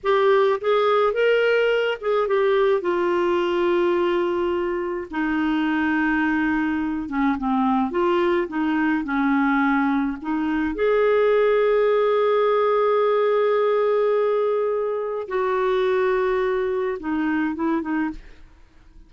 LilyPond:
\new Staff \with { instrumentName = "clarinet" } { \time 4/4 \tempo 4 = 106 g'4 gis'4 ais'4. gis'8 | g'4 f'2.~ | f'4 dis'2.~ | dis'8 cis'8 c'4 f'4 dis'4 |
cis'2 dis'4 gis'4~ | gis'1~ | gis'2. fis'4~ | fis'2 dis'4 e'8 dis'8 | }